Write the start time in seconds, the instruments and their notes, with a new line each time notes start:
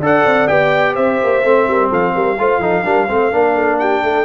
0.00 tuba D4, trombone A4, horn D5, trumpet F#5
0.26 tuba C4
0.48 tuba B3, trombone G4, trumpet G5
0.94 tuba C4, horn C5, trumpet E5
1.24 tuba A#3
1.43 tuba A3, trombone C4
1.67 tuba G3, horn A#4
1.90 tuba F3, horn A4, trumpet F5
2.15 tuba G3, horn A#4
2.39 tuba A3, trombone F4, horn C5
2.59 tuba F3, trombone D#4, horn A4
2.85 tuba G3, trombone D4, horn A#4
3.07 tuba A3, trombone C4, horn C5
3.33 tuba A#3, trombone D4, horn A#4
3.55 horn A4
3.80 horn G4, trumpet G5
4.03 tuba A3, horn A4